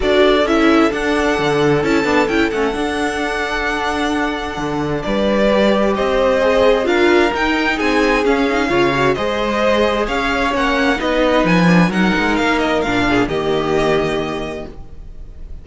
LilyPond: <<
  \new Staff \with { instrumentName = "violin" } { \time 4/4 \tempo 4 = 131 d''4 e''4 fis''2 | a''4 g''8 fis''2~ fis''8~ | fis''2. d''4~ | d''4 dis''2 f''4 |
g''4 gis''4 f''2 | dis''2 f''4 fis''4 | dis''4 gis''4 fis''4 f''8 dis''8 | f''4 dis''2. | }
  \new Staff \with { instrumentName = "violin" } { \time 4/4 a'1~ | a'1~ | a'2. b'4~ | b'4 c''2 ais'4~ |
ais'4 gis'2 cis''4 | c''2 cis''2 | b'2 ais'2~ | ais'8 gis'8 g'2. | }
  \new Staff \with { instrumentName = "viola" } { \time 4/4 fis'4 e'4 d'2 | e'8 d'8 e'8 cis'8 d'2~ | d'1 | g'2 gis'4 f'4 |
dis'2 cis'8 dis'8 f'8 fis'8 | gis'2. cis'4 | dis'4. d'8 dis'2 | d'4 ais2. | }
  \new Staff \with { instrumentName = "cello" } { \time 4/4 d'4 cis'4 d'4 d4 | cis'8 b8 cis'8 a8 d'2~ | d'2 d4 g4~ | g4 c'2 d'4 |
dis'4 c'4 cis'4 cis4 | gis2 cis'4 ais4 | b4 f4 fis8 gis8 ais4 | ais,4 dis2. | }
>>